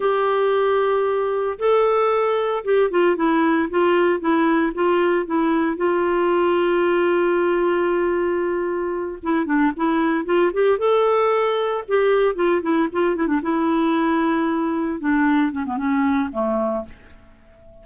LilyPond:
\new Staff \with { instrumentName = "clarinet" } { \time 4/4 \tempo 4 = 114 g'2. a'4~ | a'4 g'8 f'8 e'4 f'4 | e'4 f'4 e'4 f'4~ | f'1~ |
f'4. e'8 d'8 e'4 f'8 | g'8 a'2 g'4 f'8 | e'8 f'8 e'16 d'16 e'2~ e'8~ | e'8 d'4 cis'16 b16 cis'4 a4 | }